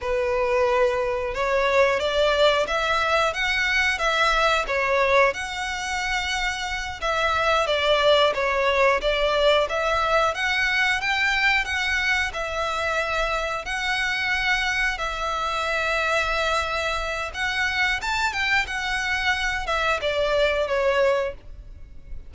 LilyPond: \new Staff \with { instrumentName = "violin" } { \time 4/4 \tempo 4 = 90 b'2 cis''4 d''4 | e''4 fis''4 e''4 cis''4 | fis''2~ fis''8 e''4 d''8~ | d''8 cis''4 d''4 e''4 fis''8~ |
fis''8 g''4 fis''4 e''4.~ | e''8 fis''2 e''4.~ | e''2 fis''4 a''8 g''8 | fis''4. e''8 d''4 cis''4 | }